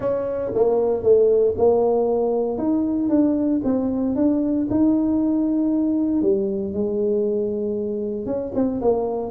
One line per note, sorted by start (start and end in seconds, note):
0.00 0.52 C#4
0.55 1.02 A#3
1.02 1.54 A3
1.57 2.57 A#3
2.57 3.09 D#4
3.09 3.61 D4
3.63 4.15 C4
4.15 4.67 D4
4.70 6.22 D#4
6.22 6.73 G3
6.73 8.26 G#3
8.26 8.52 C#4
8.55 8.80 C4
8.80 9.31 A#3